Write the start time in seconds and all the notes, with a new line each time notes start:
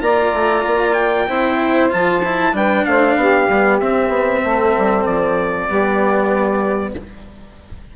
0.00 A#3 F4 D5 A#5
0.33 A3
0.66 A#3
0.93 G5
1.27 C4 E4 C5
1.89 F3 F4 A5
2.24 E4
2.52 G3 D4 B4 G5
2.85 A3 C5 F5
3.15 B3 G4
3.49 G3 B3
3.80 C4 E5
4.08 B3
4.42 A3 A4
4.77 G3
5.05 F3 D5
5.67 G3 B3 G4